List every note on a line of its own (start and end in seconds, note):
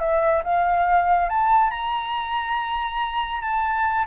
0.00 0.43 E5
0.44 1.30 F5
1.30 1.71 A5
1.71 3.41 A#5
3.41 4.06 A5